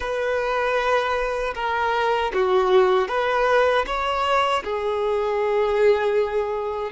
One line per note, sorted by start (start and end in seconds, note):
0.00 1.54 B4
1.55 2.31 A#4
2.33 3.08 F#4
3.08 3.85 B4
3.86 4.63 C#5
4.64 6.91 G#4